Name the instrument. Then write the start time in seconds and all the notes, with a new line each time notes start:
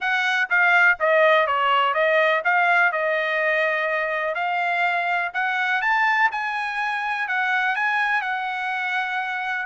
trumpet
0.00 F#5
0.49 F5
0.99 D#5
1.46 C#5
1.94 D#5
2.44 F5
2.92 D#5
4.34 F5
5.33 F#5
5.81 A5
6.31 G#5
7.27 F#5
7.75 G#5
8.21 F#5